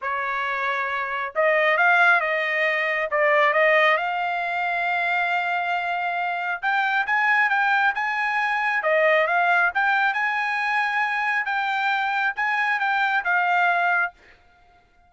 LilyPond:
\new Staff \with { instrumentName = "trumpet" } { \time 4/4 \tempo 4 = 136 cis''2. dis''4 | f''4 dis''2 d''4 | dis''4 f''2.~ | f''2. g''4 |
gis''4 g''4 gis''2 | dis''4 f''4 g''4 gis''4~ | gis''2 g''2 | gis''4 g''4 f''2 | }